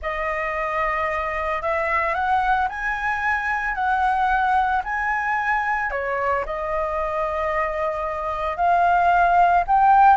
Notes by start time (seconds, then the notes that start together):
0.01 D#5
1.61 E5
2.14 F#5
2.69 G#5
3.74 F#5
4.84 G#5
5.91 C#5
6.45 D#5
8.56 F5
9.67 G5